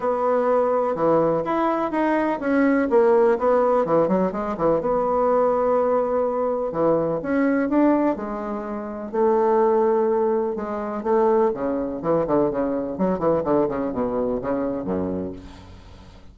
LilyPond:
\new Staff \with { instrumentName = "bassoon" } { \time 4/4 \tempo 4 = 125 b2 e4 e'4 | dis'4 cis'4 ais4 b4 | e8 fis8 gis8 e8 b2~ | b2 e4 cis'4 |
d'4 gis2 a4~ | a2 gis4 a4 | cis4 e8 d8 cis4 fis8 e8 | d8 cis8 b,4 cis4 fis,4 | }